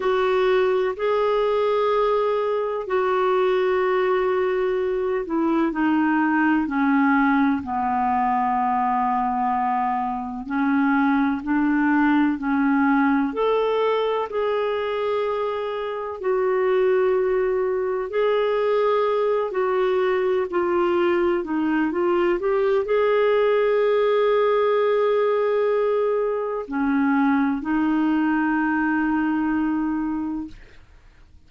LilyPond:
\new Staff \with { instrumentName = "clarinet" } { \time 4/4 \tempo 4 = 63 fis'4 gis'2 fis'4~ | fis'4. e'8 dis'4 cis'4 | b2. cis'4 | d'4 cis'4 a'4 gis'4~ |
gis'4 fis'2 gis'4~ | gis'8 fis'4 f'4 dis'8 f'8 g'8 | gis'1 | cis'4 dis'2. | }